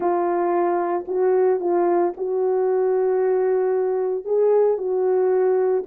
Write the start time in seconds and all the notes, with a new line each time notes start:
0.00 F4
1.07 F#4
1.60 F4
2.16 F#4
4.25 G#4
4.77 F#4